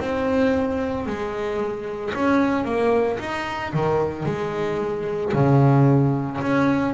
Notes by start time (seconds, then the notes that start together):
0.00 C4
1.06 G#3
2.14 C#4
2.65 A#3
3.19 D#4
3.74 D#3
4.26 G#3
5.33 C#3
6.41 C#4